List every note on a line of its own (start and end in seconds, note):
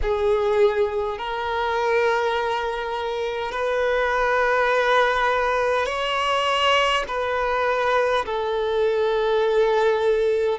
0.02 1.18 G#4
1.18 3.51 A#4
3.51 5.86 B4
5.86 7.03 C#5
7.07 8.25 B4
8.25 10.58 A4